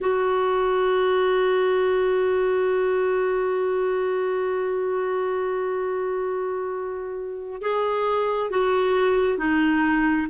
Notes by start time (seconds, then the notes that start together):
0.00 F#4
7.61 G#4
8.50 F#4
9.38 D#4